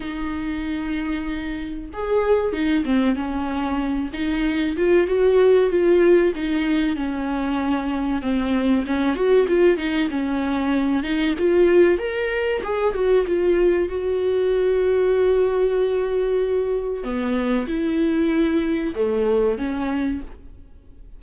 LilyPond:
\new Staff \with { instrumentName = "viola" } { \time 4/4 \tempo 4 = 95 dis'2. gis'4 | dis'8 c'8 cis'4. dis'4 f'8 | fis'4 f'4 dis'4 cis'4~ | cis'4 c'4 cis'8 fis'8 f'8 dis'8 |
cis'4. dis'8 f'4 ais'4 | gis'8 fis'8 f'4 fis'2~ | fis'2. b4 | e'2 a4 cis'4 | }